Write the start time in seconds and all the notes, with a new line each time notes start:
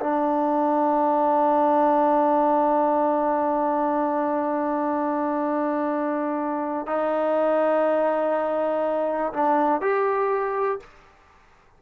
0.00 D4
6.87 D#4
9.33 D4
9.81 G4